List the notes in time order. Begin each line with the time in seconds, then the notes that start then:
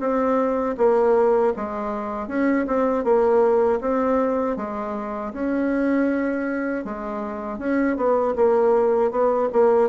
0.00 C4
0.77 A#3
1.56 G#3
2.28 C#4
2.67 C4
3.04 A#3
3.81 C4
4.57 G#3
5.33 C#4
6.85 G#3
7.59 C#4
7.96 B3
8.36 A#3
9.11 B3
9.52 A#3